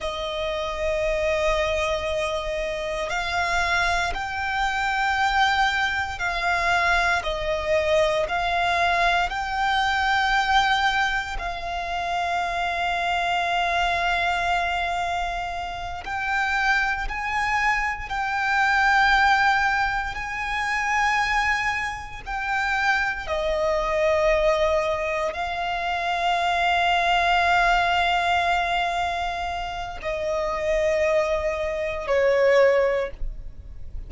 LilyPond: \new Staff \with { instrumentName = "violin" } { \time 4/4 \tempo 4 = 58 dis''2. f''4 | g''2 f''4 dis''4 | f''4 g''2 f''4~ | f''2.~ f''8 g''8~ |
g''8 gis''4 g''2 gis''8~ | gis''4. g''4 dis''4.~ | dis''8 f''2.~ f''8~ | f''4 dis''2 cis''4 | }